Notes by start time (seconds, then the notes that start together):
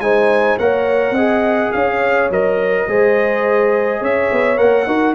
0.00 G#3 D#4 C5 G#5
0.58 A#3 A#4 C#5 F#5
1.11 C4 D#5
1.18 G#4
1.72 C#4 C#5 F5
2.30 F#3 A#4 D#5
2.88 G#3 G#4 C5
4.01 C#4 C#5 E5
4.32 B3
4.57 A#3 A#4 F#5
4.86 D#4 F#4 A#4